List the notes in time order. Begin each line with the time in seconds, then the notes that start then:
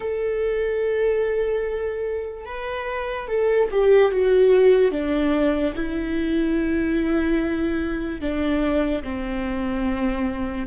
0.00 A4
2.45 B4
3.27 A4
3.71 G4
4.11 F#4
4.91 D4
5.75 E4
8.20 D4
9.03 C4